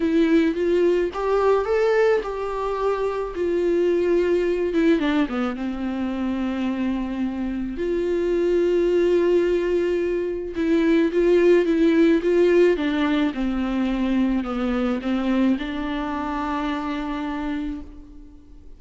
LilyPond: \new Staff \with { instrumentName = "viola" } { \time 4/4 \tempo 4 = 108 e'4 f'4 g'4 a'4 | g'2 f'2~ | f'8 e'8 d'8 b8 c'2~ | c'2 f'2~ |
f'2. e'4 | f'4 e'4 f'4 d'4 | c'2 b4 c'4 | d'1 | }